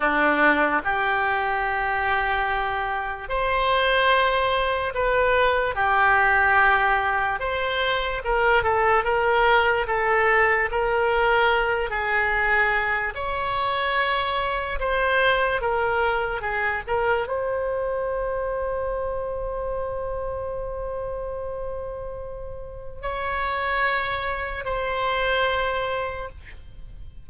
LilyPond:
\new Staff \with { instrumentName = "oboe" } { \time 4/4 \tempo 4 = 73 d'4 g'2. | c''2 b'4 g'4~ | g'4 c''4 ais'8 a'8 ais'4 | a'4 ais'4. gis'4. |
cis''2 c''4 ais'4 | gis'8 ais'8 c''2.~ | c''1 | cis''2 c''2 | }